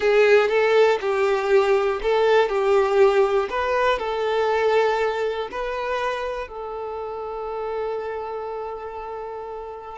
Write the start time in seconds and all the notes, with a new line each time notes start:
0.00 G#4
0.48 A4
1.00 G4
2.02 A4
2.48 G4
3.49 B4
3.98 A4
5.51 B4
6.48 A4